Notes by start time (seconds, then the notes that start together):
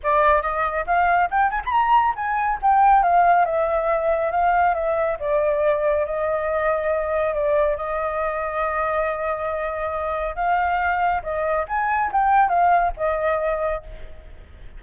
0.03 D5
0.41 D#5
0.86 F5
1.30 G5
1.50 G#5
1.65 B5
1.71 A#5
2.15 G#5
2.62 G5
3.02 F5
3.45 E5
4.31 F5
4.74 E5
5.19 D5
6.05 D#5
7.34 D5
7.76 D#5
10.35 F5
11.22 D#5
11.68 G#5
12.12 G5
12.49 F5
12.96 D#5